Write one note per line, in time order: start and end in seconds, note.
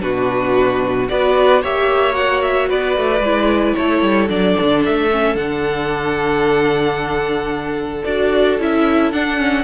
0.00 1.09 B2
0.00 1.07 D4
0.00 1.09 F#4
0.00 1.08 B4
1.08 1.63 B3
1.08 1.62 F#4
1.08 1.61 B4
1.08 1.62 D5
1.61 2.70 A#3
1.61 2.12 G4
1.61 2.69 C#5
1.61 2.14 E5
2.12 3.19 F#4
2.12 2.41 F#5
2.41 2.68 E5
2.69 2.96 B3
2.69 3.76 B4
2.69 3.75 D5
2.96 3.19 A3
3.19 3.73 G#3
3.19 4.28 E4
3.75 4.01 A3
3.75 9.63 A4
3.75 4.28 C#5
4.01 4.28 G3
4.28 4.55 F#3
4.28 5.09 D4
4.28 4.83 D5
4.61 4.87 D3
4.85 5.35 A3
4.85 5.35 E5
5.11 5.36 C#4
5.35 8.03 D3
5.35 8.04 D4
5.35 8.03 F#5
8.04 8.59 D4
8.04 8.59 F#4
8.04 8.57 D5
8.59 9.11 C#4
8.59 9.12 E4
8.59 9.11 E5
9.11 9.63 D4
9.11 9.37 D4
9.11 9.63 F#5
9.37 9.63 C#4